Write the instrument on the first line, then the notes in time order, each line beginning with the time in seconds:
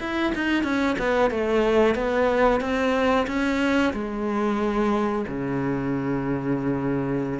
cello
0.00 E4
0.35 D#4
0.64 C#4
0.99 B3
1.31 A3
1.95 B3
2.61 C4
3.27 C#4
3.94 G#3
5.28 C#3